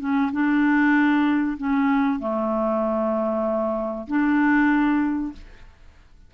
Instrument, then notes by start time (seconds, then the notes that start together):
clarinet
0.00 C#4
0.32 D4
1.58 C#4
2.20 A3
4.08 D4